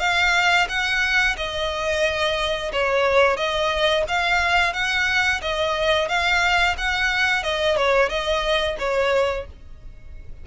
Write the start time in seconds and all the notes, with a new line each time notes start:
0.00 F5
0.69 F#5
1.37 D#5
2.72 C#5
3.37 D#5
4.08 F5
4.74 F#5
5.42 D#5
6.09 F5
6.78 F#5
7.44 D#5
7.77 C#5
8.09 D#5
8.79 C#5